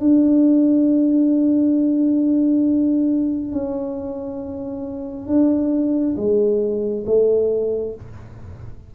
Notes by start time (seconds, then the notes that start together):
0.00 D4
3.53 C#4
5.27 D4
6.17 G#3
7.06 A3